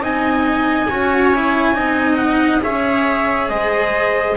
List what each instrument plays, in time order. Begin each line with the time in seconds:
0.00 double bass C4, cello D#4, viola D#5, trumpet G#5
0.90 double bass C#4, cello F#4, viola C#5
1.35 cello E4
1.74 double bass C4, cello D#4, viola D#5
2.17 trumpet F#5
2.61 double bass C#4, cello G#4, viola C#5, trumpet E5
3.49 double bass G#3, viola C5, trumpet D#5